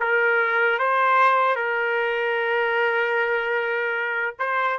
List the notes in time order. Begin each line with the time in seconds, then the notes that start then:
0.00 A#4
0.79 C5
1.55 A#4
4.39 C5